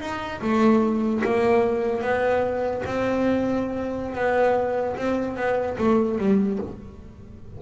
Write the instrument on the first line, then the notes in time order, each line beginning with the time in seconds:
double bass
0.00 D#4
0.41 A3
1.24 A#3
2.01 B3
2.85 C4
4.14 B3
4.96 C4
5.36 B3
5.78 A3
6.18 G3